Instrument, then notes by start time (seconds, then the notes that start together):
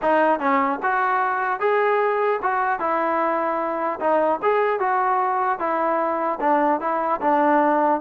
trombone
0.01 D#4
0.39 C#4
0.82 F#4
1.59 G#4
2.42 F#4
2.79 E4
4.00 D#4
4.42 G#4
4.79 F#4
5.59 E4
6.40 D4
6.80 E4
7.21 D4